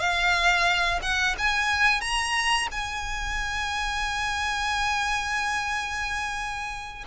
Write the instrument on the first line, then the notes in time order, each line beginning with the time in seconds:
violin
0.00 F5
1.02 F#5
1.38 G#5
2.01 A#5
2.71 G#5